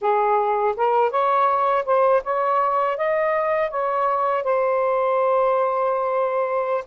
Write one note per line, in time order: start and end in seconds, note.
0.01 0.75 G#4
0.76 1.10 A#4
1.10 1.84 C#5
1.85 2.22 C5
2.23 2.97 C#5
2.97 3.70 D#5
3.70 4.43 C#5
4.43 6.84 C5